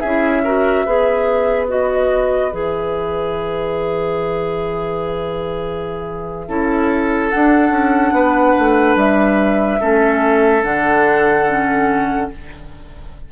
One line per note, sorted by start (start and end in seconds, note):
0.00 0.86 C#4
0.00 0.45 E4
0.00 0.42 G#4
0.00 1.67 E5
0.45 0.86 F#4
0.45 0.86 A#4
0.86 2.53 B3
0.86 1.68 G#4
0.86 6.48 B4
1.68 2.52 F#4
1.68 2.53 D#5
2.52 6.49 E3
2.52 6.48 G#4
2.52 7.30 E5
6.48 7.32 C#4
6.48 7.32 E4
6.48 8.15 A4
7.30 9.80 D4
7.30 7.70 D4
7.30 8.97 F#5
7.70 8.12 C#4
8.12 8.54 B3
8.12 9.81 B4
8.59 8.96 A3
8.96 9.80 G3
8.96 10.64 E5
9.80 10.64 A3
9.80 10.63 C#4
9.80 12.31 A4
10.63 12.30 D3
10.63 11.46 D4
10.63 12.31 F#5
11.49 12.32 C#4